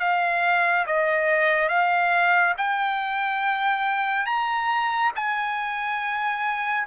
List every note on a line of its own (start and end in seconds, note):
0.00 0.86 F5
0.86 1.69 D#5
1.69 2.54 F5
2.58 4.26 G5
4.26 5.12 A#5
5.15 6.87 G#5